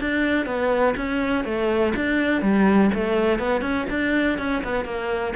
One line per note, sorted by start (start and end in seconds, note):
0.00 0.46 D4
0.46 0.95 B3
0.97 1.44 C#4
1.44 1.93 A3
1.96 2.42 D4
2.42 2.91 G3
2.94 3.39 A3
3.39 3.61 B3
3.61 3.86 C#4
3.90 4.39 D4
4.39 4.63 C#4
4.64 4.85 B3
4.85 5.34 A#3